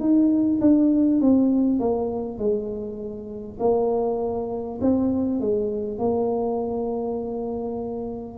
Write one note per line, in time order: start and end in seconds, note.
0.00 0.60 D#4
0.61 1.21 D4
1.21 1.80 C4
1.80 2.38 A#3
2.38 3.58 G#3
3.60 4.80 A#3
4.81 5.41 C4
5.41 5.98 G#3
5.98 8.38 A#3